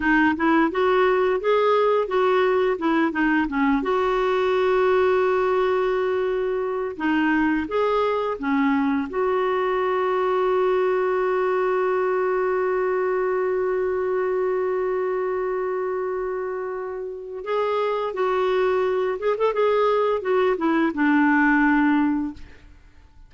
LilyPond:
\new Staff \with { instrumentName = "clarinet" } { \time 4/4 \tempo 4 = 86 dis'8 e'8 fis'4 gis'4 fis'4 | e'8 dis'8 cis'8 fis'2~ fis'8~ | fis'2 dis'4 gis'4 | cis'4 fis'2.~ |
fis'1~ | fis'1~ | fis'4 gis'4 fis'4. gis'16 a'16 | gis'4 fis'8 e'8 d'2 | }